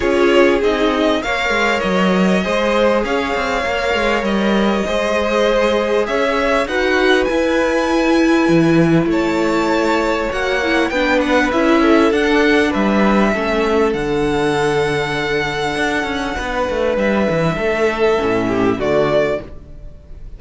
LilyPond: <<
  \new Staff \with { instrumentName = "violin" } { \time 4/4 \tempo 4 = 99 cis''4 dis''4 f''4 dis''4~ | dis''4 f''2 dis''4~ | dis''2 e''4 fis''4 | gis''2. a''4~ |
a''4 fis''4 g''8 fis''8 e''4 | fis''4 e''2 fis''4~ | fis''1 | e''2. d''4 | }
  \new Staff \with { instrumentName = "violin" } { \time 4/4 gis'2 cis''2 | c''4 cis''2. | c''2 cis''4 b'4~ | b'2. cis''4~ |
cis''2 b'4. a'8~ | a'4 b'4 a'2~ | a'2. b'4~ | b'4 a'4. g'8 fis'4 | }
  \new Staff \with { instrumentName = "viola" } { \time 4/4 f'4 dis'4 ais'2 | gis'2 ais'2 | gis'2. fis'4 | e'1~ |
e'4 fis'8 e'8 d'4 e'4 | d'2 cis'4 d'4~ | d'1~ | d'2 cis'4 a4 | }
  \new Staff \with { instrumentName = "cello" } { \time 4/4 cis'4 c'4 ais8 gis8 fis4 | gis4 cis'8 c'8 ais8 gis8 g4 | gis2 cis'4 dis'4 | e'2 e4 a4~ |
a4 ais4 b4 cis'4 | d'4 g4 a4 d4~ | d2 d'8 cis'8 b8 a8 | g8 e8 a4 a,4 d4 | }
>>